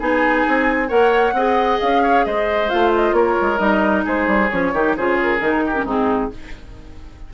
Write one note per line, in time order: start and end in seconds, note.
0.00 0.46 B3
0.00 0.89 D#4
0.00 0.88 G#4
0.00 0.89 G#5
0.48 0.91 C4
0.88 1.33 A#3
0.88 1.34 A#4
0.88 1.33 C#5
0.88 1.80 F#5
1.33 1.78 C4
1.33 2.69 G#4
1.33 2.03 D#5
1.80 2.26 C#4
1.80 2.25 F5
2.03 2.25 C#5
2.25 2.71 G#3
2.25 3.16 C5
2.25 2.70 D#5
2.69 3.12 A3
2.69 3.58 F4
2.69 2.92 F5
2.95 3.14 D#5
3.12 3.35 A#3
3.12 4.05 A#4
3.12 3.58 C#5
3.41 3.59 G#3
3.58 4.05 G3
3.58 4.48 D#4
3.58 4.04 D#5
4.05 4.27 G#3
4.05 4.73 G#4
4.05 4.50 C5
4.27 4.50 G3
4.50 4.73 F3
4.50 4.74 C#4
4.50 4.95 C#5
4.73 4.96 D#3
4.73 4.98 D#4
4.73 4.96 G4
4.97 5.41 C#3
4.97 5.39 F4
4.97 5.64 G#4
4.97 5.19 C5
5.22 5.88 A#4
5.39 5.84 D#3
5.39 5.73 D#4
5.66 5.85 G4
5.75 5.86 C#4
5.84 6.29 G#2
5.84 6.31 C4
5.84 6.30 D#4
5.84 6.34 G#4